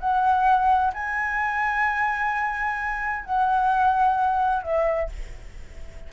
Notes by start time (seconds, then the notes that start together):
0.00 F#5
0.94 G#5
3.25 F#5
4.63 E5